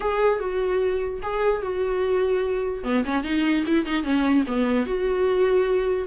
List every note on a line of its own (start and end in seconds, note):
0.00 0.39 G#4
0.39 1.20 F#4
1.22 1.61 G#4
1.61 2.83 F#4
2.83 3.04 B3
3.04 3.23 C#4
3.23 3.64 D#4
3.67 3.85 E4
3.85 4.03 D#4
4.03 4.44 C#4
4.47 4.86 B3
4.86 6.07 F#4